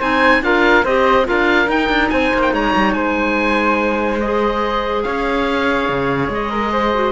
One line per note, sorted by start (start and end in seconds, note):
0.00 0.43 C4
0.00 0.42 D#4
0.00 0.42 C5
0.00 0.44 G#5
0.42 0.85 D4
0.42 0.84 F4
0.42 0.84 A#4
0.42 0.86 F5
0.84 1.27 C4
0.84 1.25 G4
0.84 1.26 C5
0.84 1.28 D#5
1.25 1.68 D4
1.25 1.67 F4
1.25 2.12 A#4
1.25 1.70 F5
1.67 4.19 D#4
1.67 1.89 D#4
1.67 2.10 G5
1.89 2.10 D4
2.10 2.33 C4
2.10 2.54 C5
2.10 2.41 G#5
2.34 2.53 A#3
2.42 2.53 G5
2.53 2.74 G#3
2.53 2.96 C#5
2.53 2.93 A#5
2.76 2.95 G3
2.93 5.05 G#3
2.93 5.05 C5
2.93 4.19 G#5
4.21 6.95 G#4
4.21 5.03 D#5
5.03 5.89 C#4
5.03 6.51 C#5
5.03 6.29 F5
5.89 6.29 C#3
6.29 7.12 G#3
6.29 7.12 D#5
6.51 6.72 A#4
6.72 7.12 C5
6.95 7.12 F#4